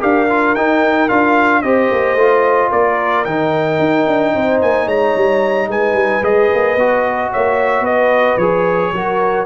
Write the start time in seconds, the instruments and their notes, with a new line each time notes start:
0.00 tuba D4, trombone G4, horn A#4, trumpet F5
0.30 trombone F4
0.56 tuba D#4, trombone D#4, trumpet G5
1.09 tuba D4, trombone F4, trumpet F5
1.62 tuba C4, trombone G4, horn C5, trumpet D#5
1.92 tuba A#3
2.16 tuba A3, trombone F4
2.71 tuba A#3, horn A#4, trumpet D5
3.25 tuba D#3, trombone D#4, trumpet G5
3.80 tuba D#4
4.08 tuba D4
4.35 tuba C4, horn C5
4.62 tuba A#3, trumpet G#5
4.86 tuba G#3, horn C#5, trumpet A#5
5.16 tuba G3
5.68 tuba G#3, horn B4, trumpet G#5
5.94 tuba G3
6.22 tuba G#3, trombone G#4, trumpet D#5
6.54 tuba A#3
6.76 tuba B3, trombone F#4
7.32 tuba A#3, horn C#5, trumpet E5
7.81 tuba B3, horn B4, trumpet D#5
8.38 tuba F3, trombone G#4, trumpet C#5
8.93 tuba F#3, trombone F#4, horn A#4